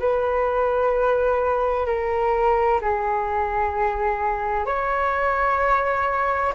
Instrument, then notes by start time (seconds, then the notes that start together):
flute
0.00 B4
1.86 A#4
2.81 G#4
4.66 C#5